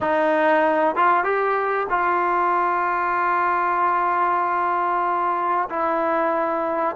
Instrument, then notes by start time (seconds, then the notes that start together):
trombone
0.00 D#4
0.95 F4
1.23 G4
1.89 F4
5.69 E4